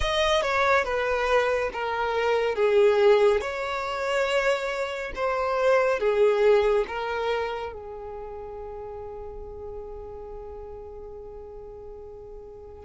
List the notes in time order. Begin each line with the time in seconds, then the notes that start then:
0.00 D#5
0.42 C#5
0.84 B4
1.73 A#4
2.55 G#4
3.41 C#5
5.15 C5
5.99 G#4
6.87 A#4
7.73 G#4